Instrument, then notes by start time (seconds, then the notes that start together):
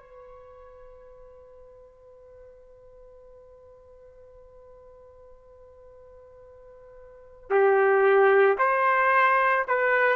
trumpet
0.00 B4
7.50 G4
8.58 C5
9.68 B4